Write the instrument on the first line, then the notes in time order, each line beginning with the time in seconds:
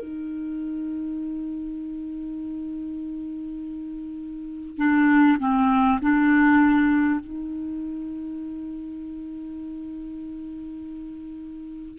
clarinet
0.00 D#4
4.78 D4
5.40 C4
6.02 D4
7.21 D#4